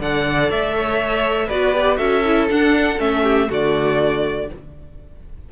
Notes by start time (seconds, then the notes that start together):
0.00 D3 A4 D5 F#5
0.49 A3 E5
0.76 C#5
1.47 B3 F#4 B4 D5
1.73 G4
1.97 C#4 F#4 A4 E5
2.25 E4
2.49 D4 F#5
2.99 A3 C#4 E5
3.23 G4
3.47 D3 A3 F#4 D5